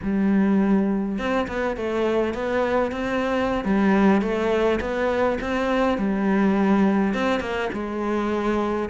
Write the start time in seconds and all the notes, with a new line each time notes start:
0.02 G3
1.18 C4
1.47 B3
1.76 A3
2.34 B3
2.91 C4
3.64 G3
4.21 A3
4.80 B3
5.40 C4
5.98 G3
7.14 C4
7.40 A#3
7.72 G#3